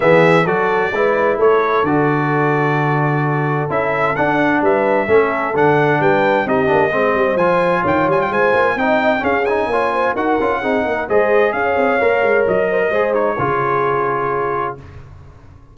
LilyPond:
<<
  \new Staff \with { instrumentName = "trumpet" } { \time 4/4 \tempo 4 = 130 e''4 d''2 cis''4 | d''1 | e''4 fis''4 e''2 | fis''4 g''4 dis''2 |
gis''4 g''8 gis''16 g''16 gis''4 g''4 | f''8 gis''4. fis''2 | dis''4 f''2 dis''4~ | dis''8 cis''2.~ cis''8 | }
  \new Staff \with { instrumentName = "horn" } { \time 4/4 gis'4 a'4 b'4 a'4~ | a'1~ | a'2 b'4 a'4~ | a'4 b'4 g'4 c''4~ |
c''4 cis''4 c''4 dis''4 | gis'4 cis''8 c''8 ais'4 gis'8 ais'8 | c''4 cis''2~ cis''8 c''16 ais'16 | c''4 gis'2. | }
  \new Staff \with { instrumentName = "trombone" } { \time 4/4 b4 fis'4 e'2 | fis'1 | e'4 d'2 cis'4 | d'2 dis'8 d'8 c'4 |
f'2. dis'4 | cis'8 dis'8 f'4 fis'8 f'8 dis'4 | gis'2 ais'2 | gis'8 dis'8 f'2. | }
  \new Staff \with { instrumentName = "tuba" } { \time 4/4 e4 fis4 gis4 a4 | d1 | cis'4 d'4 g4 a4 | d4 g4 c'8 ais8 gis8 g8 |
f4 dis8 g8 gis8 ais8 c'4 | cis'4 ais4 dis'8 cis'8 c'8 ais8 | gis4 cis'8 c'8 ais8 gis8 fis4 | gis4 cis2. | }
>>